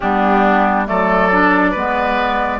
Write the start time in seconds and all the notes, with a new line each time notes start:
0.00 G3 B3 D4 G4
0.86 F#3 A3 A4 D5
1.31 D4
1.71 G#3 B3 B4